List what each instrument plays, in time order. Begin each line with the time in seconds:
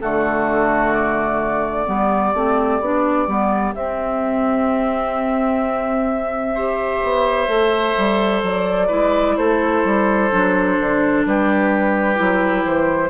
0.00 bassoon D3, clarinet A3, oboe F#4, flute A4
0.92 flute D5
1.86 bassoon G3, clarinet B3, oboe G4
2.34 bassoon A3, clarinet C4
2.80 bassoon B3, clarinet D4
3.27 bassoon G3, clarinet B3
3.74 clarinet C4, bassoon C4, flute E5
6.54 clarinet G4, oboe C5
7.03 bassoon B3
7.47 bassoon A3, clarinet A4
7.97 bassoon G3
8.42 bassoon F#3, flute D5
8.87 bassoon G#3, clarinet E4, oboe B4
9.36 bassoon A3, oboe A4, flute C5
9.84 bassoon G3
10.31 bassoon F#3, clarinet D4
10.79 bassoon D3
11.25 bassoon G3, oboe G4, flute B4
12.15 bassoon F#3, clarinet E4
12.65 bassoon E3, flute C5